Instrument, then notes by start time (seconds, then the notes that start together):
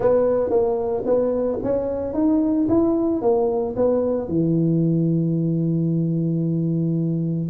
tuba
0.00 B3
0.49 A#3
1.05 B3
1.63 C#4
2.13 D#4
2.68 E4
3.21 A#3
3.76 B3
4.28 E3